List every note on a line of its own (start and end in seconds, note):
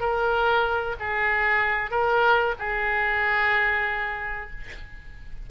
0.00 0.96 A#4
1.00 1.91 G#4
1.91 2.55 A#4
2.59 4.51 G#4